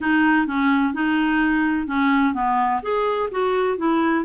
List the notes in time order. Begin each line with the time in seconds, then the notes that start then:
0.01 D#4
0.46 C#4
0.93 D#4
1.87 C#4
2.34 B3
2.82 G#4
3.31 F#4
3.77 E4